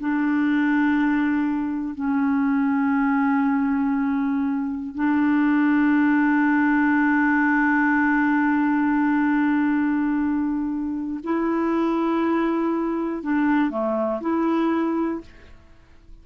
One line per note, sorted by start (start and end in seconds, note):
0.00 1.95 D4
1.95 4.95 C#4
4.95 11.20 D4
11.23 13.22 E4
13.22 13.70 D4
13.70 14.20 A3
14.20 15.20 E4